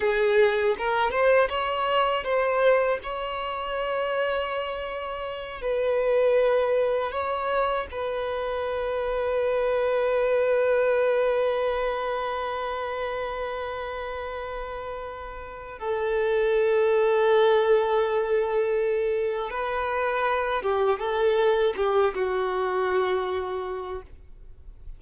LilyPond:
\new Staff \with { instrumentName = "violin" } { \time 4/4 \tempo 4 = 80 gis'4 ais'8 c''8 cis''4 c''4 | cis''2.~ cis''8 b'8~ | b'4. cis''4 b'4.~ | b'1~ |
b'1~ | b'4 a'2.~ | a'2 b'4. g'8 | a'4 g'8 fis'2~ fis'8 | }